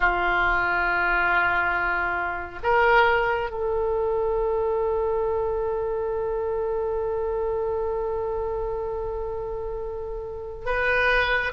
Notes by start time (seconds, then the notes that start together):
0.00 F4
2.63 A#4
3.50 A4
10.65 B4